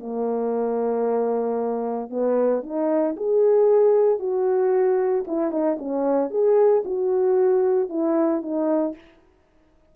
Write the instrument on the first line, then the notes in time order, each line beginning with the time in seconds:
horn
0.00 A#3
2.10 B3
2.63 D#4
3.17 G#4
4.19 F#4
5.27 E4
5.51 D#4
5.79 C#4
6.31 G#4
6.85 F#4
7.89 E4
8.42 D#4